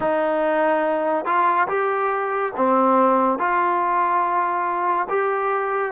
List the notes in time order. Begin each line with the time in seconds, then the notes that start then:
0.00 D#4
1.25 F4
1.67 G4
2.56 C4
3.38 F4
5.09 G4